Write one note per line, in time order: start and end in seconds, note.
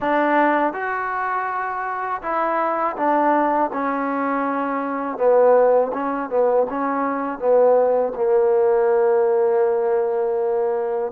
0.00 0.73 D4
0.73 2.21 F#4
2.22 2.96 E4
2.96 3.70 D4
3.72 5.17 C#4
5.17 5.91 B3
5.93 6.29 C#4
6.29 6.66 B3
6.69 7.38 C#4
7.38 8.12 B3
8.15 11.11 A#3